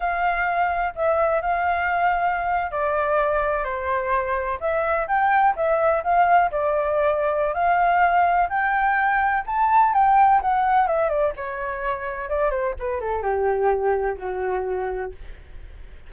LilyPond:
\new Staff \with { instrumentName = "flute" } { \time 4/4 \tempo 4 = 127 f''2 e''4 f''4~ | f''4.~ f''16 d''2 c''16~ | c''4.~ c''16 e''4 g''4 e''16~ | e''8. f''4 d''2~ d''16 |
f''2 g''2 | a''4 g''4 fis''4 e''8 d''8 | cis''2 d''8 c''8 b'8 a'8 | g'2 fis'2 | }